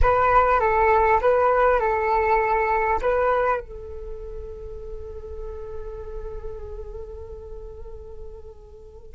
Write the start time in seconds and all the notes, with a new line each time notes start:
0.01 B4
0.59 A4
1.21 B4
1.79 A4
3.01 B4
3.60 A4